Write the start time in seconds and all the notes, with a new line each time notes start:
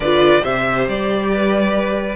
0.00 D3 F4 B4 D5
0.41 C3 G4 C5 E5
0.88 G3 D5
1.31 B4